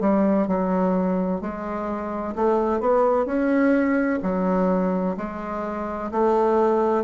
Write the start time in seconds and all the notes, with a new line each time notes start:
0.00 G3
0.47 F#3
1.41 G#3
2.35 A3
2.80 B3
3.26 C#4
4.22 F#3
5.17 G#3
6.11 A3